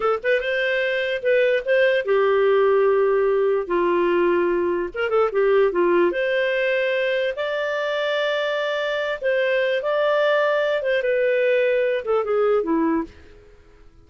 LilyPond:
\new Staff \with { instrumentName = "clarinet" } { \time 4/4 \tempo 4 = 147 a'8 b'8 c''2 b'4 | c''4 g'2.~ | g'4 f'2. | ais'8 a'8 g'4 f'4 c''4~ |
c''2 d''2~ | d''2~ d''8 c''4. | d''2~ d''8 c''8 b'4~ | b'4. a'8 gis'4 e'4 | }